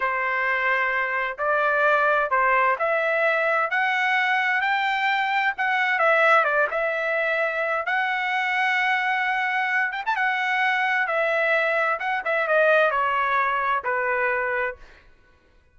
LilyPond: \new Staff \with { instrumentName = "trumpet" } { \time 4/4 \tempo 4 = 130 c''2. d''4~ | d''4 c''4 e''2 | fis''2 g''2 | fis''4 e''4 d''8 e''4.~ |
e''4 fis''2.~ | fis''4. g''16 a''16 fis''2 | e''2 fis''8 e''8 dis''4 | cis''2 b'2 | }